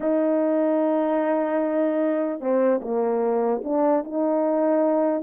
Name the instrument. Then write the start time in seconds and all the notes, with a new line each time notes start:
horn
0.00 D#4
2.40 C4
2.81 A#3
3.64 D4
4.03 D#4